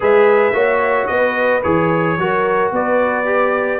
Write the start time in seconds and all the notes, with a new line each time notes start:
0.00 G#3 G#4 B4 E5
0.52 A#3 F#4 C#5
1.06 B3 B4 D#5
1.62 E3 G#4 C#5
2.18 F#3 F#4 A#4
2.71 B3 B4 D5
3.25 G4